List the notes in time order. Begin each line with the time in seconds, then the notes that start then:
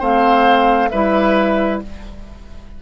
0.00 A3 C4 C5 F5
0.90 G3 E4 B4 E5